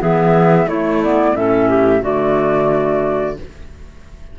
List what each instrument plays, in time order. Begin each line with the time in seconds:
0.00 cello E3, clarinet B3 G#4, flute E5
0.66 cello A3, clarinet A3 E4, flute C#5
1.03 clarinet B3, flute D5
1.34 cello A2, clarinet C#4 A4, flute E5
1.69 clarinet G4
2.01 cello D3, clarinet A3 F#4, flute D5